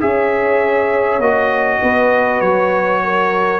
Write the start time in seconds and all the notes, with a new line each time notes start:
0.00 C#4 G#4 C#5 E5
1.19 A#3 F#4 D#5
1.81 B3 B4
2.40 F#3 C#5
3.04 A#4